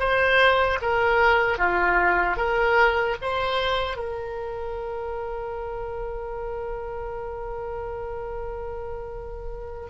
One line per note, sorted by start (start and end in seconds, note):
0.00 0.79 C5
0.81 1.58 A#4
1.58 2.37 F4
2.37 3.16 A#4
3.22 3.97 C5
3.97 9.89 A#4